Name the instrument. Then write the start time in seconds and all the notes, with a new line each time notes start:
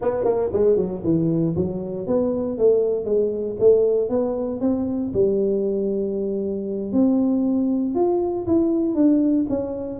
tuba
0.01 B3
0.24 A#3
0.53 G#3
0.76 F#3
1.04 E3
1.55 F#3
2.06 B3
2.58 A3
3.05 G#3
3.59 A3
4.09 B3
4.60 C4
5.13 G3
6.92 C4
7.95 F4
8.46 E4
8.94 D4
9.49 C#4